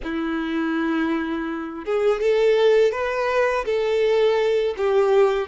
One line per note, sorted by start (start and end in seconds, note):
0.03 1.84 E4
1.84 2.20 G#4
2.20 2.91 A4
2.91 3.65 B4
3.65 4.74 A4
4.77 5.47 G4